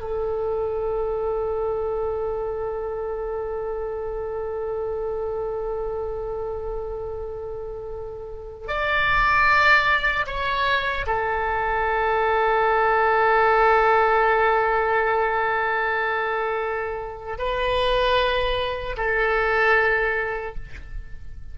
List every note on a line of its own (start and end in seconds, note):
0.00 8.68 A4
8.68 10.26 D5
10.27 11.06 C#5
11.07 17.38 A4
17.38 18.96 B4
18.97 20.55 A4